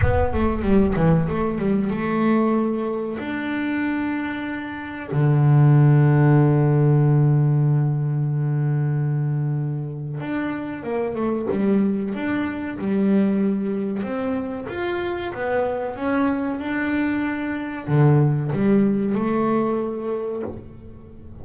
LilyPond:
\new Staff \with { instrumentName = "double bass" } { \time 4/4 \tempo 4 = 94 b8 a8 g8 e8 a8 g8 a4~ | a4 d'2. | d1~ | d1 |
d'4 ais8 a8 g4 d'4 | g2 c'4 f'4 | b4 cis'4 d'2 | d4 g4 a2 | }